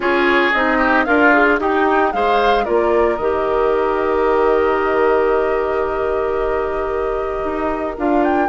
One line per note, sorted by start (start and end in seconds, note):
0.00 0.51 C#4
0.00 0.52 F4
0.00 0.77 G#4
0.00 0.53 C#5
0.53 1.07 C4
0.53 1.06 D#4
0.53 1.04 D#5
0.77 1.04 G4
1.04 1.59 D4
1.04 1.60 F4
1.04 1.33 A#4
1.04 1.57 F5
1.33 1.59 G#4
1.59 2.12 D#4
1.59 2.13 D#4
1.59 2.12 G4
1.59 2.12 G5
2.12 2.66 G#3
2.12 2.65 G#4
2.12 2.64 C5
2.12 2.64 F5
2.64 3.18 A#3
2.64 3.18 F4
2.64 8.48 A#4
2.64 3.16 D5
3.16 7.42 D#3
3.16 7.98 G4
3.16 7.94 D#5
7.44 7.97 D#4
7.97 8.48 D4
7.97 8.48 F4
7.97 8.23 F5
8.23 8.48 G5